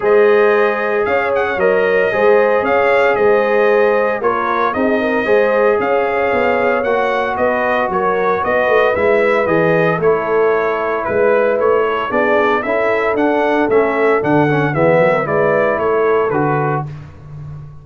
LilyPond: <<
  \new Staff \with { instrumentName = "trumpet" } { \time 4/4 \tempo 4 = 114 dis''2 f''8 fis''8 dis''4~ | dis''4 f''4 dis''2 | cis''4 dis''2 f''4~ | f''4 fis''4 dis''4 cis''4 |
dis''4 e''4 dis''4 cis''4~ | cis''4 b'4 cis''4 d''4 | e''4 fis''4 e''4 fis''4 | e''4 d''4 cis''4 b'4 | }
  \new Staff \with { instrumentName = "horn" } { \time 4/4 c''2 cis''2 | c''4 cis''4 c''2 | ais'4 gis'8 ais'8 c''4 cis''4~ | cis''2 b'4 ais'4 |
b'2. a'4~ | a'4 b'4. a'8 gis'4 | a'1 | gis'8 ais'8 b'4 a'2 | }
  \new Staff \with { instrumentName = "trombone" } { \time 4/4 gis'2. ais'4 | gis'1 | f'4 dis'4 gis'2~ | gis'4 fis'2.~ |
fis'4 e'4 gis'4 e'4~ | e'2. d'4 | e'4 d'4 cis'4 d'8 cis'8 | b4 e'2 fis'4 | }
  \new Staff \with { instrumentName = "tuba" } { \time 4/4 gis2 cis'4 fis4 | gis4 cis'4 gis2 | ais4 c'4 gis4 cis'4 | b4 ais4 b4 fis4 |
b8 a8 gis4 e4 a4~ | a4 gis4 a4 b4 | cis'4 d'4 a4 d4 | e8 fis8 gis4 a4 d4 | }
>>